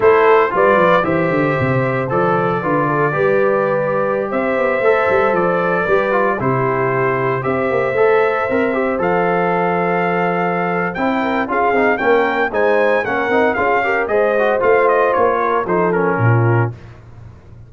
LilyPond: <<
  \new Staff \with { instrumentName = "trumpet" } { \time 4/4 \tempo 4 = 115 c''4 d''4 e''2 | d''1~ | d''16 e''2 d''4.~ d''16~ | d''16 c''2 e''4.~ e''16~ |
e''4~ e''16 f''2~ f''8.~ | f''4 g''4 f''4 g''4 | gis''4 fis''4 f''4 dis''4 | f''8 dis''8 cis''4 c''8 ais'4. | }
  \new Staff \with { instrumentName = "horn" } { \time 4/4 a'4 b'4 c''2~ | c''4 b'8 a'8 b'2~ | b'16 c''2. b'8.~ | b'16 g'2 c''4.~ c''16~ |
c''1~ | c''4. ais'8 gis'4 ais'4 | c''4 ais'4 gis'8 ais'8 c''4~ | c''4. ais'8 a'4 f'4 | }
  \new Staff \with { instrumentName = "trombone" } { \time 4/4 e'4 f'4 g'2 | a'4 f'4 g'2~ | g'4~ g'16 a'2 g'8 f'16~ | f'16 e'2 g'4 a'8.~ |
a'16 ais'8 g'8 a'2~ a'8.~ | a'4 e'4 f'8 dis'8 cis'4 | dis'4 cis'8 dis'8 f'8 g'8 gis'8 fis'8 | f'2 dis'8 cis'4. | }
  \new Staff \with { instrumentName = "tuba" } { \time 4/4 a4 g8 f8 e8 d8 c4 | f4 d4 g2~ | g16 c'8 b8 a8 g8 f4 g8.~ | g16 c2 c'8 ais8 a8.~ |
a16 c'4 f2~ f8.~ | f4 c'4 cis'8 c'8 ais4 | gis4 ais8 c'8 cis'4 gis4 | a4 ais4 f4 ais,4 | }
>>